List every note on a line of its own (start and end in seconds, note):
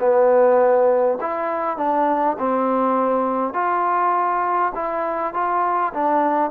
0.00 1.19 B3
1.21 1.78 E4
1.78 2.37 D4
2.39 3.54 C4
3.54 4.73 F4
4.75 5.34 E4
5.34 5.93 F4
5.94 6.51 D4